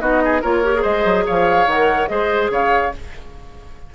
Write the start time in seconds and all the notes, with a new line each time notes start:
0.00 B3 D#4 F#4 D#5
0.24 G#4
0.41 A#3 F4 A#4 C#5
0.64 G4
0.74 G#4
0.82 G#3 C5 D#5
1.04 F#3
1.25 F3 C#5 F5
1.66 D#3 A#4 F#5
2.07 G#3 G#4 C5 D#5
2.50 C#3 C#5 F5